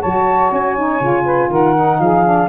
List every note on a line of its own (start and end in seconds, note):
0.00 0.52 F#3
0.00 0.77 F#4
0.00 1.24 C#5
0.00 0.51 A5
0.52 1.00 C#4
0.52 1.52 G#5
0.77 1.01 D#4
1.00 1.50 C#3
1.00 1.75 F4
1.24 1.49 B4
1.50 1.99 D#3
1.50 2.00 A#4
1.50 1.99 F#5
1.75 2.24 D#4
1.99 2.48 F3
1.99 2.48 G#4
1.99 2.48 F5
2.24 2.48 D4